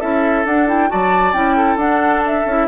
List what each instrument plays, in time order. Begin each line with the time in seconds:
0.00 bassoon C#4, clarinet E4, oboe A4, flute E5
0.45 bassoon D4, clarinet D4, flute F#5
0.68 clarinet E4, flute G5
0.89 bassoon F#3, clarinet F#4, oboe D5, flute A5
1.33 bassoon C#4, clarinet E4, flute G5
1.57 oboe A4
1.76 bassoon D4, clarinet D4, flute F#5
2.26 flute E5
2.46 bassoon C#4, clarinet E4